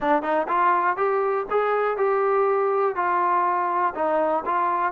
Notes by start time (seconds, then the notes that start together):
0.00 D4
0.22 D#4
0.47 F4
0.97 G4
1.50 G#4
1.97 G4
2.95 F4
3.95 D#4
4.45 F4